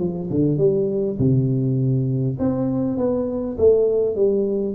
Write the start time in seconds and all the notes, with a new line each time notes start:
0.00 F3
0.31 D3
0.58 G3
1.19 C3
2.40 C4
2.98 B3
3.58 A3
4.16 G3